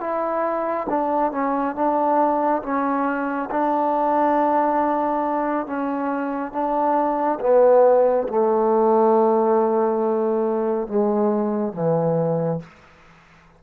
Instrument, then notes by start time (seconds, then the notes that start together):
trombone
0.00 E4
0.89 D4
1.32 C#4
1.75 D4
2.62 C#4
3.50 D4
5.66 C#4
6.52 D4
7.40 B3
8.28 A3
10.87 G#3
11.73 E3